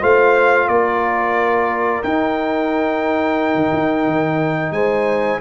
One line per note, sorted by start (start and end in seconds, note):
0.00 0.68 A3
0.00 2.03 F4
0.00 0.67 C5
0.00 0.68 F5
0.68 2.03 A#3
0.68 4.73 A#4
0.68 2.02 D5
2.03 3.54 D#4
2.03 5.40 D#4
2.03 4.72 G5
3.54 3.71 D#3
3.73 4.06 D#4
4.06 4.71 D#3
4.71 5.38 G#3
4.71 5.40 C5
4.71 5.39 G#5